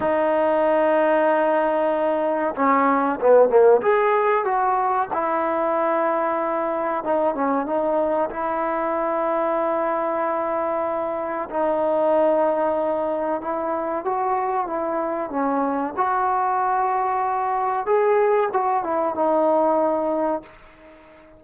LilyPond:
\new Staff \with { instrumentName = "trombone" } { \time 4/4 \tempo 4 = 94 dis'1 | cis'4 b8 ais8 gis'4 fis'4 | e'2. dis'8 cis'8 | dis'4 e'2.~ |
e'2 dis'2~ | dis'4 e'4 fis'4 e'4 | cis'4 fis'2. | gis'4 fis'8 e'8 dis'2 | }